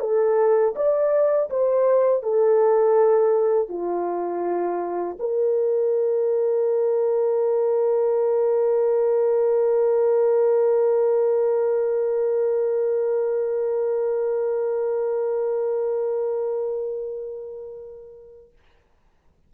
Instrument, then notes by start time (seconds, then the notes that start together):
horn
0.00 A4
0.75 D5
1.49 C5
2.23 A4
3.69 F4
5.19 A#4